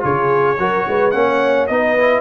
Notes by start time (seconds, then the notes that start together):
0.00 C#3 F4 G#4 C#5
0.58 F#3 F#4 A#4
0.88 G#3 B4
1.11 A#3 C#4 C#5 F#5
1.67 B3 D#4 B4 D#5
1.98 E4